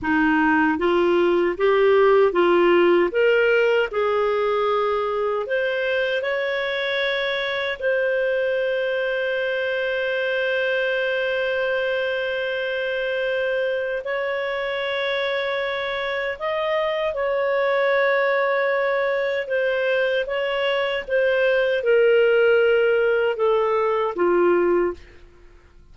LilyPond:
\new Staff \with { instrumentName = "clarinet" } { \time 4/4 \tempo 4 = 77 dis'4 f'4 g'4 f'4 | ais'4 gis'2 c''4 | cis''2 c''2~ | c''1~ |
c''2 cis''2~ | cis''4 dis''4 cis''2~ | cis''4 c''4 cis''4 c''4 | ais'2 a'4 f'4 | }